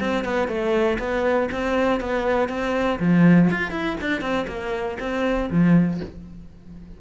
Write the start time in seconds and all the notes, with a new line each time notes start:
0.00 C4
0.24 B3
0.48 A3
0.99 B3
1.52 C4
2.00 B3
2.49 C4
3.00 F3
3.50 F4
3.71 E4
4.01 D4
4.21 C4
4.48 A#3
5.00 C4
5.51 F3